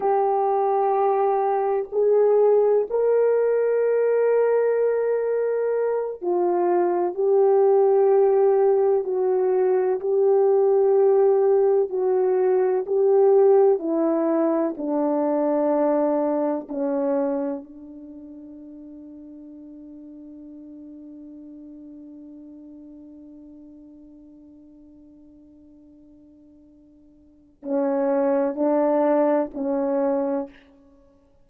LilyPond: \new Staff \with { instrumentName = "horn" } { \time 4/4 \tempo 4 = 63 g'2 gis'4 ais'4~ | ais'2~ ais'8 f'4 g'8~ | g'4. fis'4 g'4.~ | g'8 fis'4 g'4 e'4 d'8~ |
d'4. cis'4 d'4.~ | d'1~ | d'1~ | d'4 cis'4 d'4 cis'4 | }